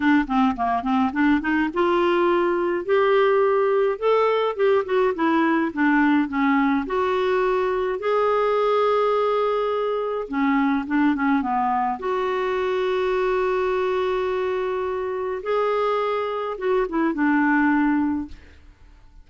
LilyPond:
\new Staff \with { instrumentName = "clarinet" } { \time 4/4 \tempo 4 = 105 d'8 c'8 ais8 c'8 d'8 dis'8 f'4~ | f'4 g'2 a'4 | g'8 fis'8 e'4 d'4 cis'4 | fis'2 gis'2~ |
gis'2 cis'4 d'8 cis'8 | b4 fis'2.~ | fis'2. gis'4~ | gis'4 fis'8 e'8 d'2 | }